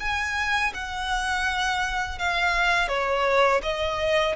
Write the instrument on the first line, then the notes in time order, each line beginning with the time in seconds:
violin
0.00 G#5
0.74 F#5
2.19 F5
2.88 C#5
3.63 D#5